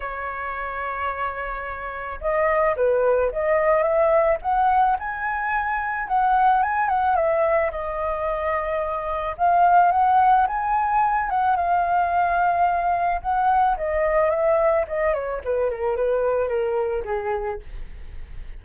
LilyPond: \new Staff \with { instrumentName = "flute" } { \time 4/4 \tempo 4 = 109 cis''1 | dis''4 b'4 dis''4 e''4 | fis''4 gis''2 fis''4 | gis''8 fis''8 e''4 dis''2~ |
dis''4 f''4 fis''4 gis''4~ | gis''8 fis''8 f''2. | fis''4 dis''4 e''4 dis''8 cis''8 | b'8 ais'8 b'4 ais'4 gis'4 | }